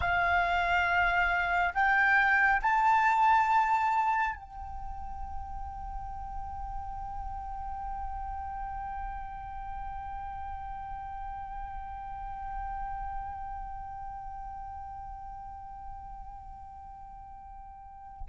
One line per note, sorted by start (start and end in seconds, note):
0.00 1.73 F5
1.74 2.61 G5
2.62 4.35 A5
4.35 18.26 G5